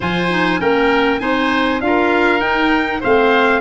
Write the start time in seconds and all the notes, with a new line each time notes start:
0.00 F3 F4 C5 G#5
0.29 D#4
0.59 A#3 C#4 A#4 G5
1.19 C4 D#4 C5 G#5
1.80 D4 F4 A#4 F5
2.40 D#4 G5
3.00 A3 C4 C5 F5